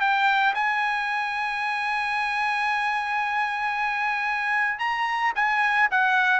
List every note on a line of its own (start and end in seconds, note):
0.00 0.54 G5
0.54 4.79 G#5
4.79 5.33 A#5
5.35 5.89 G#5
5.91 6.40 F#5